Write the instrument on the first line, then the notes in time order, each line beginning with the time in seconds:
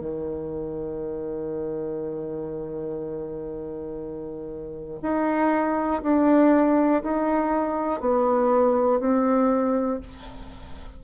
bassoon
0.00 D#3
5.02 D#4
6.03 D4
7.03 D#4
8.01 B3
9.00 C4